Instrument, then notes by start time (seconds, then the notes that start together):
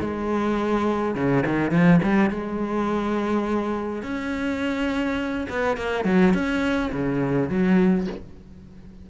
cello
0.00 G#3
1.15 C#3
1.46 D#3
1.71 F3
2.03 G3
2.30 G#3
4.03 C#4
5.49 B3
5.77 A#3
6.05 F#3
6.34 C#4
6.92 C#3
7.49 F#3